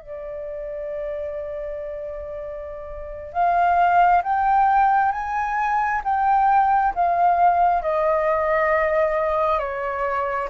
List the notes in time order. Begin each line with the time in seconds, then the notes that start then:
0.00 D5
3.33 F5
4.23 G5
5.12 G#5
6.04 G5
6.94 F5
7.82 D#5
9.59 C#5